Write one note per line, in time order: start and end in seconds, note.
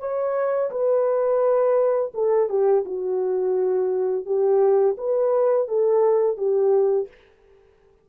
0.00 0.71 C#5
0.71 2.12 B4
2.14 2.49 A4
2.50 2.85 G4
2.86 4.26 F#4
4.26 4.96 G4
4.98 5.68 B4
5.68 6.38 A4
6.38 7.08 G4